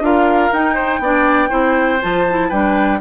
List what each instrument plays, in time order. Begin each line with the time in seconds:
0.00 bassoon D4, clarinet F4, oboe A#4, flute F5
0.52 bassoon D#4, clarinet D#4, flute G5
0.74 oboe C5
1.00 bassoon B3, clarinet D4, oboe D5
1.49 bassoon C4, clarinet E4, oboe C5
2.02 bassoon F3, clarinet F4, flute A5
2.30 clarinet E4
2.49 bassoon G3, clarinet D4, oboe B4, flute G5